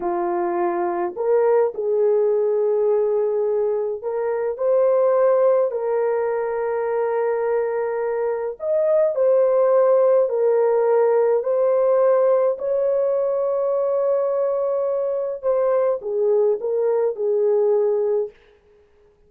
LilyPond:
\new Staff \with { instrumentName = "horn" } { \time 4/4 \tempo 4 = 105 f'2 ais'4 gis'4~ | gis'2. ais'4 | c''2 ais'2~ | ais'2. dis''4 |
c''2 ais'2 | c''2 cis''2~ | cis''2. c''4 | gis'4 ais'4 gis'2 | }